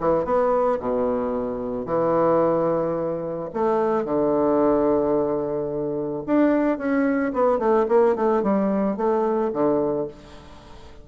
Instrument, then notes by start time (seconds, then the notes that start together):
bassoon
0.00 E3
0.25 B3
0.80 B2
1.86 E3
3.54 A3
4.05 D3
6.27 D4
6.78 C#4
7.33 B3
7.59 A3
7.88 A#3
8.15 A3
8.43 G3
8.97 A3
9.53 D3